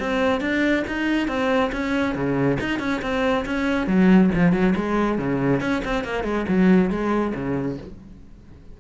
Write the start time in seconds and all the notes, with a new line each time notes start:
0.00 C4
0.41 D4
0.88 D#4
1.28 C4
1.72 C#4
2.15 C#3
2.61 D#4
2.80 C#4
3.02 C4
3.46 C#4
3.87 F#3
4.35 F3
4.53 F#3
4.76 G#3
5.18 C#3
5.61 C#4
5.85 C4
6.05 A#3
6.24 G#3
6.48 F#3
6.91 G#3
7.35 C#3